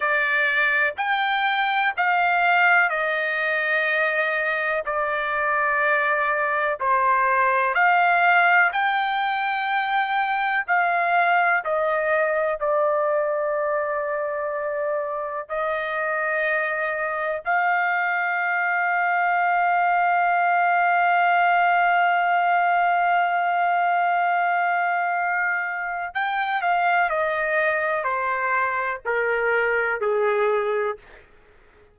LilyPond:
\new Staff \with { instrumentName = "trumpet" } { \time 4/4 \tempo 4 = 62 d''4 g''4 f''4 dis''4~ | dis''4 d''2 c''4 | f''4 g''2 f''4 | dis''4 d''2. |
dis''2 f''2~ | f''1~ | f''2. g''8 f''8 | dis''4 c''4 ais'4 gis'4 | }